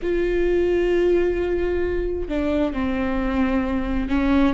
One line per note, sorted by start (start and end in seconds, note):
0.02 2.28 F4
2.28 2.73 D4
2.73 4.08 C4
4.08 4.54 C#4